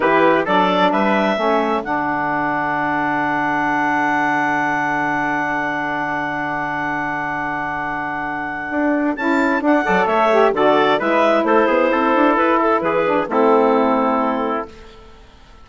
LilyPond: <<
  \new Staff \with { instrumentName = "clarinet" } { \time 4/4 \tempo 4 = 131 b'4 d''4 e''2 | fis''1~ | fis''1~ | fis''1~ |
fis''1 | a''4 fis''4 e''4 d''4 | e''4 c''2 b'8 a'8 | b'4 a'2. | }
  \new Staff \with { instrumentName = "trumpet" } { \time 4/4 g'4 a'4 b'4 a'4~ | a'1~ | a'1~ | a'1~ |
a'1~ | a'4. d''8 cis''4 a'4 | b'4 a'8 gis'8 a'2 | gis'4 e'2. | }
  \new Staff \with { instrumentName = "saxophone" } { \time 4/4 e'4 d'2 cis'4 | d'1~ | d'1~ | d'1~ |
d'1 | e'4 d'8 a'4 g'8 fis'4 | e'1~ | e'8 d'8 c'2. | }
  \new Staff \with { instrumentName = "bassoon" } { \time 4/4 e4 fis4 g4 a4 | d1~ | d1~ | d1~ |
d2. d'4 | cis'4 d'8 fis8 a4 d4 | gis4 a8 b8 c'8 d'8 e'4 | e4 a2. | }
>>